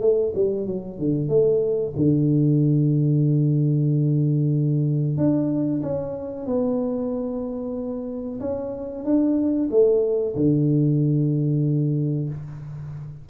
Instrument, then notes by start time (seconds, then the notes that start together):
tuba
0.00 A3
0.35 G3
0.66 F#3
0.99 D3
1.28 A3
1.96 D3
5.17 D4
5.82 C#4
6.46 B3
8.40 C#4
9.04 D4
9.70 A3
10.35 D3